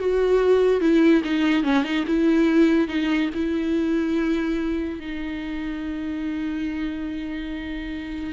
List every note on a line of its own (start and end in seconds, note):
0.00 0.81 F#4
0.81 1.23 E4
1.25 1.64 D#4
1.64 1.84 C#4
1.84 2.05 D#4
2.08 2.89 E4
2.89 3.30 D#4
3.34 5.00 E4
5.00 8.34 D#4